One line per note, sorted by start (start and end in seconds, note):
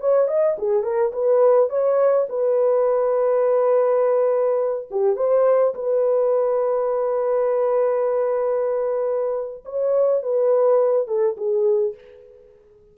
0.00 0.28 C#5
0.28 0.56 D#5
0.58 0.83 G#4
0.83 1.12 A#4
1.12 1.69 B4
1.69 2.27 C#5
2.29 4.89 B4
4.91 5.16 G4
5.16 5.74 C5
5.75 9.64 B4
9.65 10.22 C#5
10.23 11.07 B4
11.07 11.36 A4
11.37 11.94 G#4